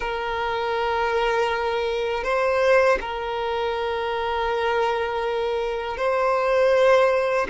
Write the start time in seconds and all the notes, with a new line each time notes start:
0.00 A#4
2.23 C5
3.00 A#4
5.97 C5